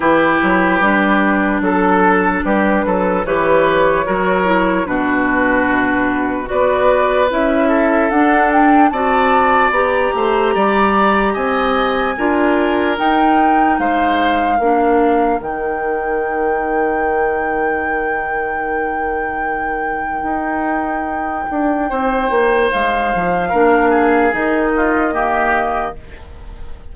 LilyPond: <<
  \new Staff \with { instrumentName = "flute" } { \time 4/4 \tempo 4 = 74 b'2 a'4 b'4 | cis''2 b'2 | d''4 e''4 fis''8 g''8 a''4 | ais''2 gis''2 |
g''4 f''2 g''4~ | g''1~ | g''1 | f''2 dis''2 | }
  \new Staff \with { instrumentName = "oboe" } { \time 4/4 g'2 a'4 g'8 a'8 | b'4 ais'4 fis'2 | b'4. a'4. d''4~ | d''8 c''8 d''4 dis''4 ais'4~ |
ais'4 c''4 ais'2~ | ais'1~ | ais'2. c''4~ | c''4 ais'8 gis'4 f'8 g'4 | }
  \new Staff \with { instrumentName = "clarinet" } { \time 4/4 e'4 d'2. | g'4 fis'8 e'8 d'2 | fis'4 e'4 d'4 fis'4 | g'2. f'4 |
dis'2 d'4 dis'4~ | dis'1~ | dis'1~ | dis'4 d'4 dis'4 ais4 | }
  \new Staff \with { instrumentName = "bassoon" } { \time 4/4 e8 fis8 g4 fis4 g8 fis8 | e4 fis4 b,2 | b4 cis'4 d'4 c'4 | b8 a8 g4 c'4 d'4 |
dis'4 gis4 ais4 dis4~ | dis1~ | dis4 dis'4. d'8 c'8 ais8 | gis8 f8 ais4 dis2 | }
>>